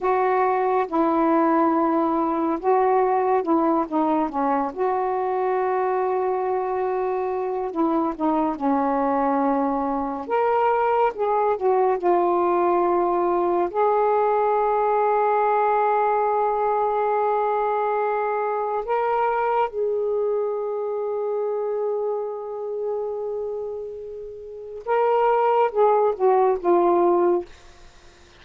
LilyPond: \new Staff \with { instrumentName = "saxophone" } { \time 4/4 \tempo 4 = 70 fis'4 e'2 fis'4 | e'8 dis'8 cis'8 fis'2~ fis'8~ | fis'4 e'8 dis'8 cis'2 | ais'4 gis'8 fis'8 f'2 |
gis'1~ | gis'2 ais'4 gis'4~ | gis'1~ | gis'4 ais'4 gis'8 fis'8 f'4 | }